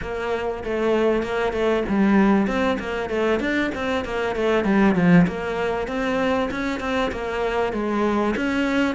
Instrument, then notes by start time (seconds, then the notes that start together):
cello
0.01 A#3
0.64 A3
1.22 A#3
1.52 A3
1.89 G3
2.47 C4
2.79 A#3
3.09 A3
3.39 D4
3.74 C4
4.05 A#3
4.35 A3
4.64 G3
4.95 F3
5.27 A#3
5.87 C4
6.50 C#4
6.80 C4
7.11 A#3
7.72 G#3
8.36 C#4